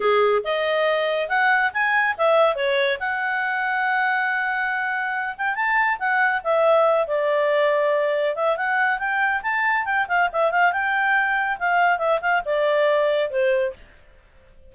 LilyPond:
\new Staff \with { instrumentName = "clarinet" } { \time 4/4 \tempo 4 = 140 gis'4 dis''2 fis''4 | gis''4 e''4 cis''4 fis''4~ | fis''1~ | fis''8 g''8 a''4 fis''4 e''4~ |
e''8 d''2. e''8 | fis''4 g''4 a''4 g''8 f''8 | e''8 f''8 g''2 f''4 | e''8 f''8 d''2 c''4 | }